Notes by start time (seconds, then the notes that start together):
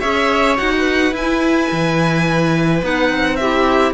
0.00 C#4 G#4 C#5 E5
0.56 D#4 F#4 F#5
0.77 B4
1.12 E4 G#5
1.72 E3
2.82 B3 D#4 F#5
3.09 C4
3.36 E4 G4 E5